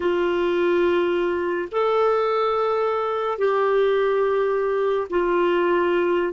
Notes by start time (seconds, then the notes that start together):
0.00 F4
1.71 A4
3.38 G4
5.10 F4